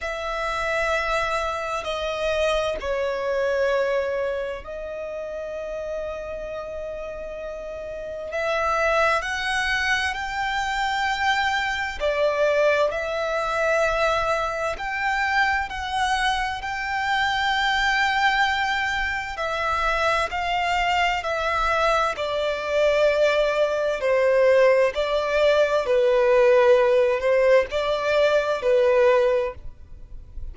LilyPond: \new Staff \with { instrumentName = "violin" } { \time 4/4 \tempo 4 = 65 e''2 dis''4 cis''4~ | cis''4 dis''2.~ | dis''4 e''4 fis''4 g''4~ | g''4 d''4 e''2 |
g''4 fis''4 g''2~ | g''4 e''4 f''4 e''4 | d''2 c''4 d''4 | b'4. c''8 d''4 b'4 | }